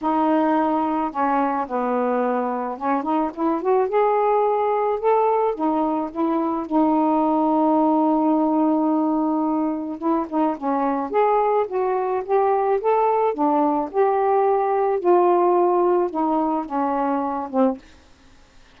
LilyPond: \new Staff \with { instrumentName = "saxophone" } { \time 4/4 \tempo 4 = 108 dis'2 cis'4 b4~ | b4 cis'8 dis'8 e'8 fis'8 gis'4~ | gis'4 a'4 dis'4 e'4 | dis'1~ |
dis'2 e'8 dis'8 cis'4 | gis'4 fis'4 g'4 a'4 | d'4 g'2 f'4~ | f'4 dis'4 cis'4. c'8 | }